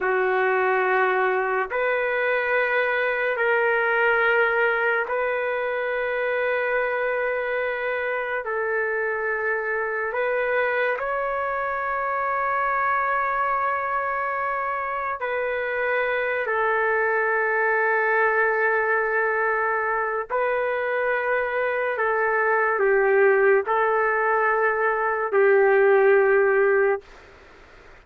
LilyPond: \new Staff \with { instrumentName = "trumpet" } { \time 4/4 \tempo 4 = 71 fis'2 b'2 | ais'2 b'2~ | b'2 a'2 | b'4 cis''2.~ |
cis''2 b'4. a'8~ | a'1 | b'2 a'4 g'4 | a'2 g'2 | }